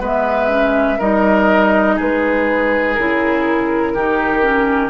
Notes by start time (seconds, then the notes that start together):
0.00 G#3 B3 B4 E5
0.49 C#4
0.99 G3 D#4 A#4 D#5
1.96 G#3 G#4 B4
2.94 C#3 E4 A#4
3.94 D#3 D#4 G4
4.42 C#4